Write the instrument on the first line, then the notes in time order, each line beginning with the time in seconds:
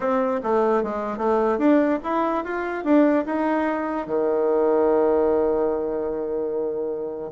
bassoon
0.00 C4
0.43 A3
0.83 G#3
1.17 A3
1.58 D4
2.03 E4
2.44 F4
2.84 D4
3.25 D#4
4.07 D#3